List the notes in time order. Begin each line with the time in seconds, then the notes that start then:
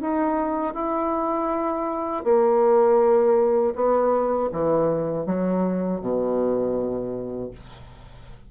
0.00 D#4
0.74 E4
2.24 A#3
3.75 B3
4.52 E3
5.26 F#3
6.00 B2